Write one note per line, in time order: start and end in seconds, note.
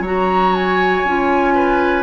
0.00 1.02 F#3
0.00 1.07 F#4
0.00 1.54 C#5
0.06 0.55 A#5
0.55 2.03 G#5
1.04 2.03 C#4
1.04 2.03 F4
1.54 2.03 B4